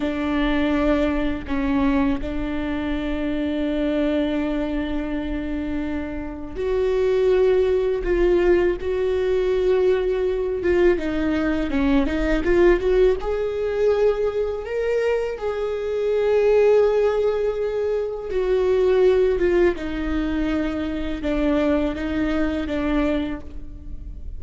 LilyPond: \new Staff \with { instrumentName = "viola" } { \time 4/4 \tempo 4 = 82 d'2 cis'4 d'4~ | d'1~ | d'4 fis'2 f'4 | fis'2~ fis'8 f'8 dis'4 |
cis'8 dis'8 f'8 fis'8 gis'2 | ais'4 gis'2.~ | gis'4 fis'4. f'8 dis'4~ | dis'4 d'4 dis'4 d'4 | }